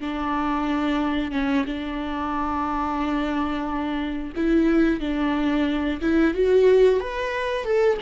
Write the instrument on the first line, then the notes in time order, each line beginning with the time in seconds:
viola
0.00 D4
1.31 C#4
1.66 D4
4.36 E4
5.00 D4
6.01 E4
6.34 F#4
7.00 B4
7.64 A4